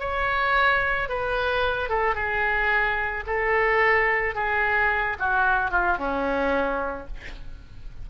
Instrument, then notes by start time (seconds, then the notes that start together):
oboe
0.00 C#5
1.09 B4
1.90 A4
2.15 G#4
3.27 A4
4.35 G#4
5.20 F#4
5.71 F4
5.99 C#4